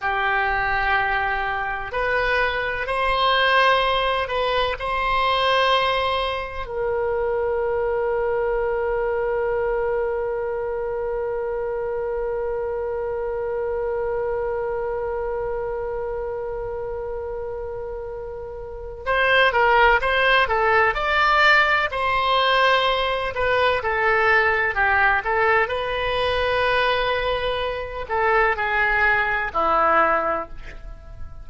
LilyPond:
\new Staff \with { instrumentName = "oboe" } { \time 4/4 \tempo 4 = 63 g'2 b'4 c''4~ | c''8 b'8 c''2 ais'4~ | ais'1~ | ais'1~ |
ais'1 | c''8 ais'8 c''8 a'8 d''4 c''4~ | c''8 b'8 a'4 g'8 a'8 b'4~ | b'4. a'8 gis'4 e'4 | }